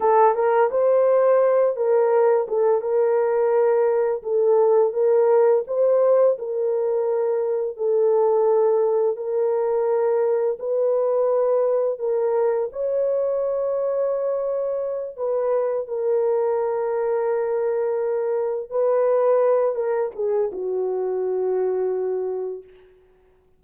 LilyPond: \new Staff \with { instrumentName = "horn" } { \time 4/4 \tempo 4 = 85 a'8 ais'8 c''4. ais'4 a'8 | ais'2 a'4 ais'4 | c''4 ais'2 a'4~ | a'4 ais'2 b'4~ |
b'4 ais'4 cis''2~ | cis''4. b'4 ais'4.~ | ais'2~ ais'8 b'4. | ais'8 gis'8 fis'2. | }